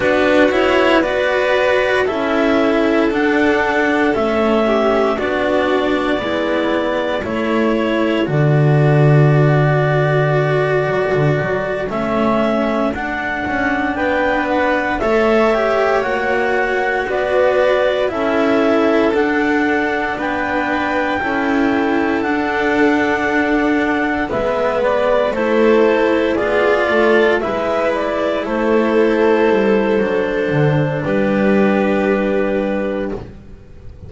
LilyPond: <<
  \new Staff \with { instrumentName = "clarinet" } { \time 4/4 \tempo 4 = 58 b'8 cis''8 d''4 e''4 fis''4 | e''4 d''2 cis''4 | d''2.~ d''8 e''8~ | e''8 fis''4 g''8 fis''8 e''4 fis''8~ |
fis''8 d''4 e''4 fis''4 g''8~ | g''4. fis''2 e''8 | d''8 c''4 d''4 e''8 d''8 c''8~ | c''2 b'2 | }
  \new Staff \with { instrumentName = "violin" } { \time 4/4 fis'4 b'4 a'2~ | a'8 g'8 fis'4 e'4 a'4~ | a'1~ | a'4. b'4 cis''4.~ |
cis''8 b'4 a'2 b'8~ | b'8 a'2. b'8~ | b'8 a'4 gis'8 a'8 b'4 a'8~ | a'2 g'2 | }
  \new Staff \with { instrumentName = "cello" } { \time 4/4 d'8 e'8 fis'4 e'4 d'4 | cis'4 d'4 b4 e'4 | fis'2.~ fis'8 cis'8~ | cis'8 d'2 a'8 g'8 fis'8~ |
fis'4. e'4 d'4.~ | d'8 e'4 d'2 b8~ | b8 e'4 f'4 e'4.~ | e'4 d'2. | }
  \new Staff \with { instrumentName = "double bass" } { \time 4/4 b2 cis'4 d'4 | a4 b4 gis4 a4 | d2~ d8 fis16 d16 fis8 a8~ | a8 d'8 cis'8 b4 a4 ais8~ |
ais8 b4 cis'4 d'4 b8~ | b8 cis'4 d'2 gis8~ | gis8 a4 b8 a8 gis4 a8~ | a8 g8 fis8 d8 g2 | }
>>